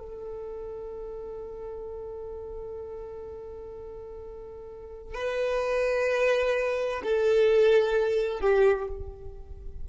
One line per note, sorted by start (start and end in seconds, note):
0.00 5.15 A4
5.15 7.03 B4
7.04 8.41 A4
8.41 8.88 G4